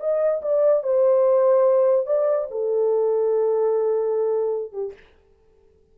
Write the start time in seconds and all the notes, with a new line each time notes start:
0.00 D#5
0.42 D5
0.83 C5
2.07 D5
2.51 A4
4.72 G4